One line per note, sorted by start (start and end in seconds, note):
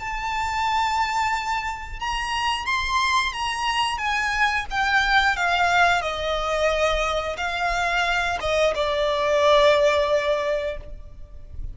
0.00 2.00 A5
2.00 2.67 A#5
2.67 3.33 C6
3.33 3.99 A#5
3.99 4.66 G#5
4.71 5.37 G5
5.37 6.02 F5
6.02 7.37 D#5
7.38 8.39 F5
8.41 8.75 D#5
8.75 10.78 D5